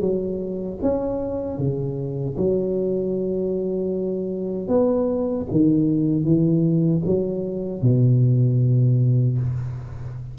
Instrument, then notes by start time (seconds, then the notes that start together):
tuba
0.00 F#3
0.81 C#4
1.58 C#3
2.37 F#3
4.68 B3
5.50 D#3
6.24 E3
7.05 F#3
7.82 B2